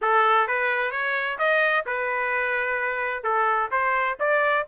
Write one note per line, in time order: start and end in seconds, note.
0.01 0.47 A4
0.47 0.91 B4
0.91 1.37 C#5
1.38 1.85 D#5
1.86 3.23 B4
3.23 3.70 A4
3.71 4.17 C5
4.19 4.66 D5